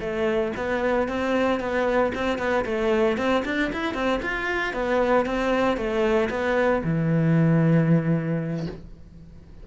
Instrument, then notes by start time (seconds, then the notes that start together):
cello
0.00 A3
0.57 B3
1.08 C4
1.60 B3
2.15 C4
2.38 B3
2.65 A3
3.17 C4
3.45 D4
3.72 E4
3.94 C4
4.22 F4
4.73 B3
5.26 C4
5.77 A3
6.30 B3
6.84 E3